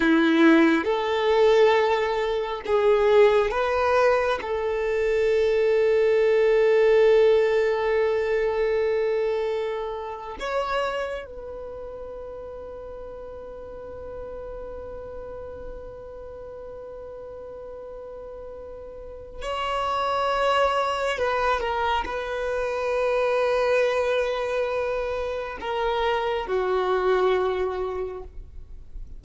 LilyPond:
\new Staff \with { instrumentName = "violin" } { \time 4/4 \tempo 4 = 68 e'4 a'2 gis'4 | b'4 a'2.~ | a'2.~ a'8. cis''16~ | cis''8. b'2.~ b'16~ |
b'1~ | b'2 cis''2 | b'8 ais'8 b'2.~ | b'4 ais'4 fis'2 | }